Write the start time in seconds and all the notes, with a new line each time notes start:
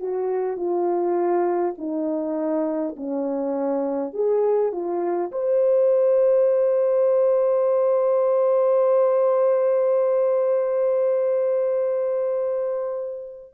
0.00 F#4
0.57 F4
1.78 D#4
2.96 C#4
4.13 G#4
4.72 F4
5.32 C5